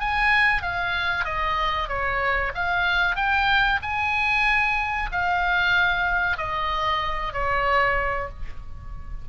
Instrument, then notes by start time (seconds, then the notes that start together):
oboe
0.00 G#5
0.62 F5
1.24 D#5
1.88 C#5
2.55 F5
3.16 G5
3.82 G#5
5.12 F5
6.38 D#5
7.33 C#5